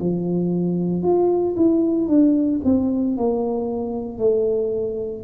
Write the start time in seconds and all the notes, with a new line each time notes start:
0.00 F3
1.03 F4
1.56 E4
2.08 D4
2.65 C4
3.17 A#3
4.19 A3